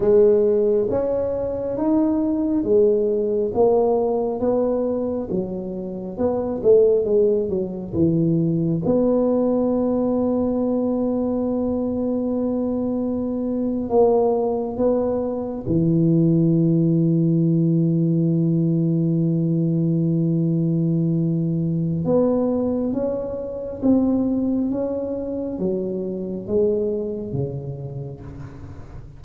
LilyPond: \new Staff \with { instrumentName = "tuba" } { \time 4/4 \tempo 4 = 68 gis4 cis'4 dis'4 gis4 | ais4 b4 fis4 b8 a8 | gis8 fis8 e4 b2~ | b2.~ b8. ais16~ |
ais8. b4 e2~ e16~ | e1~ | e4 b4 cis'4 c'4 | cis'4 fis4 gis4 cis4 | }